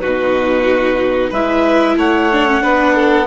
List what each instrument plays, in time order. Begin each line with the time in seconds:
0.00 bassoon B2, viola D#4, violin F#4, clarinet B4
1.30 bassoon G#3, viola E4, violin B4, clarinet E5
1.97 bassoon A3, violin C#5, clarinet F#5
2.33 viola D4
2.47 viola C#4
2.61 bassoon B3, viola D4, violin B4
2.95 violin A4